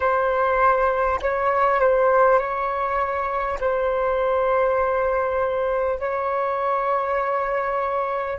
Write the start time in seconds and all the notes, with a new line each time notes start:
0.00 C5
1.21 C#5
1.79 C5
2.38 C#5
3.59 C5
5.99 C#5